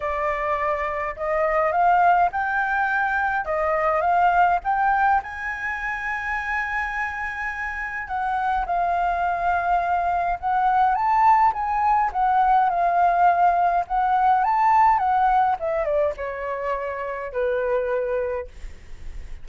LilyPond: \new Staff \with { instrumentName = "flute" } { \time 4/4 \tempo 4 = 104 d''2 dis''4 f''4 | g''2 dis''4 f''4 | g''4 gis''2.~ | gis''2 fis''4 f''4~ |
f''2 fis''4 a''4 | gis''4 fis''4 f''2 | fis''4 a''4 fis''4 e''8 d''8 | cis''2 b'2 | }